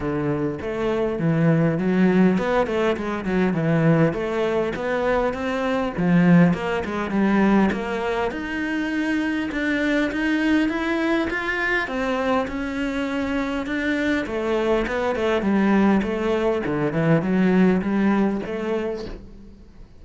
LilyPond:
\new Staff \with { instrumentName = "cello" } { \time 4/4 \tempo 4 = 101 d4 a4 e4 fis4 | b8 a8 gis8 fis8 e4 a4 | b4 c'4 f4 ais8 gis8 | g4 ais4 dis'2 |
d'4 dis'4 e'4 f'4 | c'4 cis'2 d'4 | a4 b8 a8 g4 a4 | d8 e8 fis4 g4 a4 | }